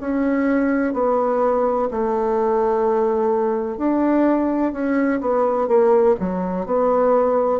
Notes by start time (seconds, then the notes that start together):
0.00 C#4
0.93 B3
1.90 A3
3.77 D4
4.72 C#4
5.20 B3
5.68 A#3
6.19 F#3
6.66 B3